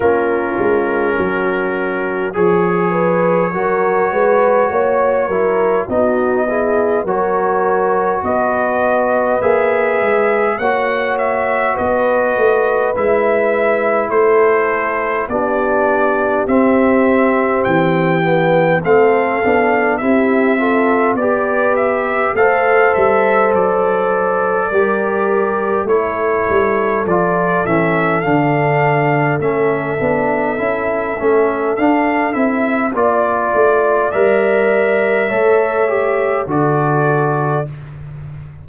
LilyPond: <<
  \new Staff \with { instrumentName = "trumpet" } { \time 4/4 \tempo 4 = 51 ais'2 cis''2~ | cis''4 dis''4 cis''4 dis''4 | e''4 fis''8 e''8 dis''4 e''4 | c''4 d''4 e''4 g''4 |
f''4 e''4 d''8 e''8 f''8 e''8 | d''2 cis''4 d''8 e''8 | f''4 e''2 f''8 e''8 | d''4 e''2 d''4 | }
  \new Staff \with { instrumentName = "horn" } { \time 4/4 f'4 fis'4 gis'8 b'8 ais'8 b'8 | cis''8 ais'8 fis'8 gis'8 ais'4 b'4~ | b'4 cis''4 b'2 | a'4 g'2. |
a'4 g'8 a'8 b'4 c''4~ | c''4 ais'4 a'2~ | a'1 | d''2 cis''4 a'4 | }
  \new Staff \with { instrumentName = "trombone" } { \time 4/4 cis'2 gis'4 fis'4~ | fis'8 e'8 dis'8 e'8 fis'2 | gis'4 fis'2 e'4~ | e'4 d'4 c'4. b8 |
c'8 d'8 e'8 f'8 g'4 a'4~ | a'4 g'4 e'4 f'8 cis'8 | d'4 cis'8 d'8 e'8 cis'8 d'8 e'8 | f'4 ais'4 a'8 g'8 fis'4 | }
  \new Staff \with { instrumentName = "tuba" } { \time 4/4 ais8 gis8 fis4 f4 fis8 gis8 | ais8 fis8 b4 fis4 b4 | ais8 gis8 ais4 b8 a8 gis4 | a4 b4 c'4 e4 |
a8 b8 c'4 b4 a8 g8 | fis4 g4 a8 g8 f8 e8 | d4 a8 b8 cis'8 a8 d'8 c'8 | ais8 a8 g4 a4 d4 | }
>>